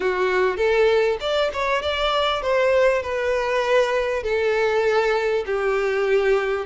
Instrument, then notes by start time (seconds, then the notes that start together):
violin
0.00 F#4
0.56 A4
1.20 D5
1.53 C#5
1.82 D5
2.41 C5
3.02 B4
4.23 A4
5.45 G4